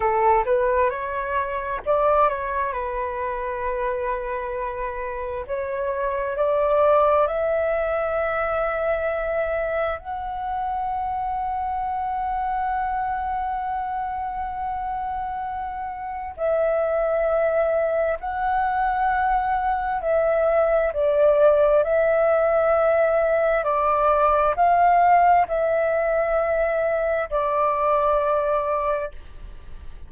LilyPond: \new Staff \with { instrumentName = "flute" } { \time 4/4 \tempo 4 = 66 a'8 b'8 cis''4 d''8 cis''8 b'4~ | b'2 cis''4 d''4 | e''2. fis''4~ | fis''1~ |
fis''2 e''2 | fis''2 e''4 d''4 | e''2 d''4 f''4 | e''2 d''2 | }